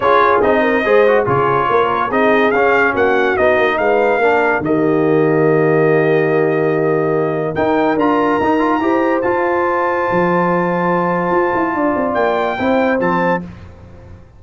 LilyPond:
<<
  \new Staff \with { instrumentName = "trumpet" } { \time 4/4 \tempo 4 = 143 cis''4 dis''2 cis''4~ | cis''4 dis''4 f''4 fis''4 | dis''4 f''2 dis''4~ | dis''1~ |
dis''2 g''4 ais''4~ | ais''2 a''2~ | a''1~ | a''4 g''2 a''4 | }
  \new Staff \with { instrumentName = "horn" } { \time 4/4 gis'4. ais'8 c''4 gis'4 | ais'4 gis'2 fis'4~ | fis'4 b'4 ais'4 g'4~ | g'1~ |
g'2 ais'2~ | ais'4 c''2.~ | c''1 | d''2 c''2 | }
  \new Staff \with { instrumentName = "trombone" } { \time 4/4 f'4 dis'4 gis'8 fis'8 f'4~ | f'4 dis'4 cis'2 | dis'2 d'4 ais4~ | ais1~ |
ais2 dis'4 f'4 | dis'8 f'8 g'4 f'2~ | f'1~ | f'2 e'4 c'4 | }
  \new Staff \with { instrumentName = "tuba" } { \time 4/4 cis'4 c'4 gis4 cis4 | ais4 c'4 cis'4 ais4 | b8 ais8 gis4 ais4 dis4~ | dis1~ |
dis2 dis'4 d'4 | dis'4 e'4 f'2 | f2. f'8 e'8 | d'8 c'8 ais4 c'4 f4 | }
>>